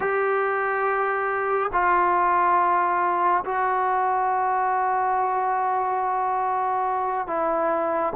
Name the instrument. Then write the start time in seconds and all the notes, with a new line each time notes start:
trombone
0.00 G4
1.72 F4
3.44 F#4
7.27 E4